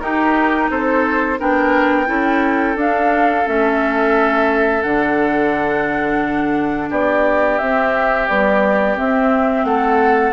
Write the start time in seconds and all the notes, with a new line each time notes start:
0.00 D#4 G4 A#4
0.71 C4 A4 C5
1.39 B3 D4 A#4 G5
2.07 C#4 E4 A4
2.76 D4 F5
3.46 A3 C#4 E5
4.83 D3 D4 F#5
6.90 B3 G4 D5
7.59 C4 E5
8.28 G3 B3 D5
8.96 C4 E5
9.65 A3 A4 F#5